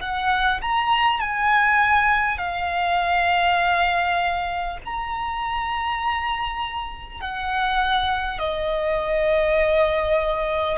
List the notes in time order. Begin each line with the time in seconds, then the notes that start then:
0.00 F#5
0.61 A#5
1.20 G#5
2.38 F5
4.84 A#5
7.20 F#5
8.38 D#5